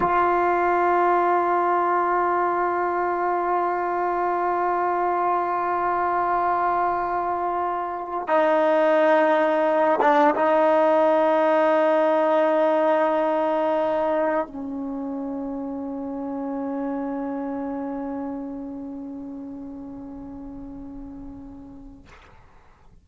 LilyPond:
\new Staff \with { instrumentName = "trombone" } { \time 4/4 \tempo 4 = 87 f'1~ | f'1~ | f'1 | dis'2~ dis'8 d'8 dis'4~ |
dis'1~ | dis'4 cis'2.~ | cis'1~ | cis'1 | }